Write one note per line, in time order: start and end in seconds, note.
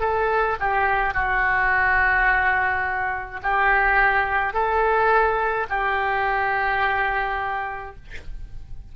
0.00 0.57 A4
0.60 1.14 G4
1.14 3.40 F#4
3.43 4.53 G4
4.53 5.67 A4
5.70 7.96 G4